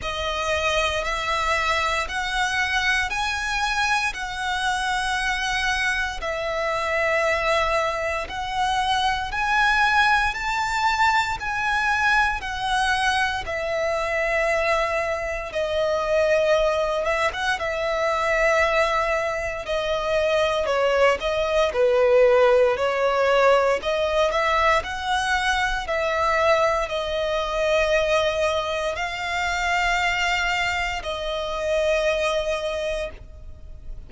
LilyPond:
\new Staff \with { instrumentName = "violin" } { \time 4/4 \tempo 4 = 58 dis''4 e''4 fis''4 gis''4 | fis''2 e''2 | fis''4 gis''4 a''4 gis''4 | fis''4 e''2 dis''4~ |
dis''8 e''16 fis''16 e''2 dis''4 | cis''8 dis''8 b'4 cis''4 dis''8 e''8 | fis''4 e''4 dis''2 | f''2 dis''2 | }